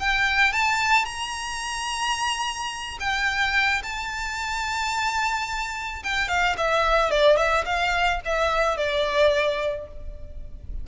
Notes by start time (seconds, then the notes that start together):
0.00 G5
0.53 A5
1.05 A#5
3.00 G5
3.83 A5
6.03 G5
6.28 F5
6.57 E5
7.11 D5
7.37 E5
7.65 F5
8.25 E5
8.77 D5